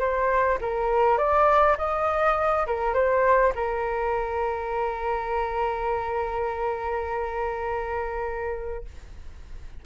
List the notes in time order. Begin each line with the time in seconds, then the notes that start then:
0.00 C5
0.61 A#4
1.18 D5
1.78 D#5
2.67 A#4
2.94 C5
3.56 A#4